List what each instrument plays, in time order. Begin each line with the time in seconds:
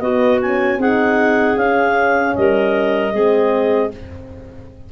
0.00 tuba B3, horn B3, clarinet F#4 D#5
0.41 horn C#4, clarinet G#5
0.78 tuba C4, horn D#4, clarinet G#4 F#5
1.56 tuba C#4, horn C#4, clarinet F5
2.35 tuba G3, clarinet A#4 D#5
3.12 tuba G#3, horn C4, clarinet G#4